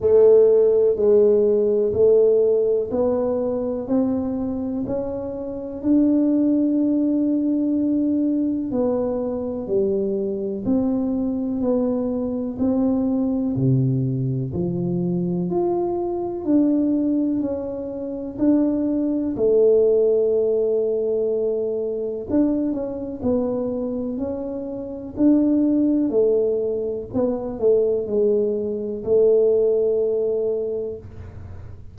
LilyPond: \new Staff \with { instrumentName = "tuba" } { \time 4/4 \tempo 4 = 62 a4 gis4 a4 b4 | c'4 cis'4 d'2~ | d'4 b4 g4 c'4 | b4 c'4 c4 f4 |
f'4 d'4 cis'4 d'4 | a2. d'8 cis'8 | b4 cis'4 d'4 a4 | b8 a8 gis4 a2 | }